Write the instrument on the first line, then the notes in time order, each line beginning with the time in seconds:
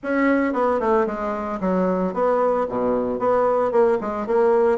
bassoon
0.03 C#4
0.53 B3
0.80 A3
1.06 G#3
1.60 F#3
2.13 B3
2.68 B2
3.19 B3
3.71 A#3
4.01 G#3
4.26 A#3